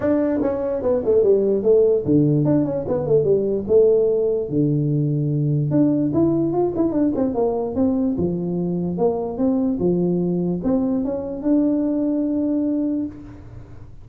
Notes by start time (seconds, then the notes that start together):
0.00 D4
0.42 C#4
0.82 B3
1.04 A3
1.23 G3
1.63 A3
2.05 D3
2.44 D4
2.64 C#4
2.88 B3
3.06 A3
3.24 G3
3.67 A3
4.49 D3
5.71 D4
6.13 E4
6.52 F4
6.76 E4
6.92 D4
7.15 C4
7.34 A#3
7.75 C4
8.17 F3
8.97 A#3
9.37 C4
9.79 F3
10.63 C4
11.04 C#4
11.42 D4